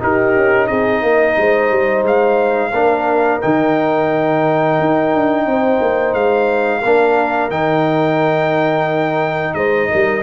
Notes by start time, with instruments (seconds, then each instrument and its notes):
0.00 trombone D#4, tuba D#4, horn G4, trumpet A#4
0.36 tuba C#4
0.67 tuba C4, horn G#4, trumpet D#5
1.03 tuba A#3, horn A#4
1.38 tuba G#3, horn C5
1.71 tuba G3
2.03 tuba G#3, trumpet F5
2.72 tuba A#3, trombone D4, horn A#4
3.42 tuba D#3, trombone D#4, trumpet G5
4.80 tuba D#4
5.15 tuba D4
5.46 tuba C4, horn C5
5.82 tuba A#3
6.14 tuba G#3, trumpet F5
6.80 tuba A#3, trombone D4, horn A#4
7.50 tuba D#3, trombone D#4, trumpet G5
9.55 tuba G#3, horn C5, trumpet D#5
9.91 tuba G3, horn A#4